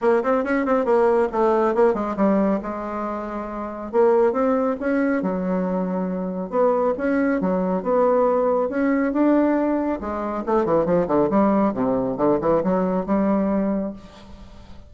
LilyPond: \new Staff \with { instrumentName = "bassoon" } { \time 4/4 \tempo 4 = 138 ais8 c'8 cis'8 c'8 ais4 a4 | ais8 gis8 g4 gis2~ | gis4 ais4 c'4 cis'4 | fis2. b4 |
cis'4 fis4 b2 | cis'4 d'2 gis4 | a8 e8 f8 d8 g4 c4 | d8 e8 fis4 g2 | }